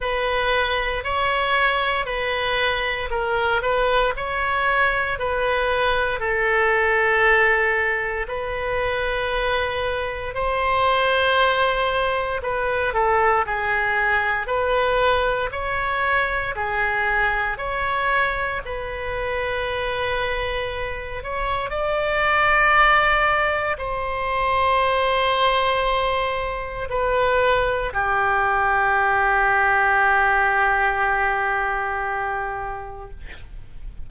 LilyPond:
\new Staff \with { instrumentName = "oboe" } { \time 4/4 \tempo 4 = 58 b'4 cis''4 b'4 ais'8 b'8 | cis''4 b'4 a'2 | b'2 c''2 | b'8 a'8 gis'4 b'4 cis''4 |
gis'4 cis''4 b'2~ | b'8 cis''8 d''2 c''4~ | c''2 b'4 g'4~ | g'1 | }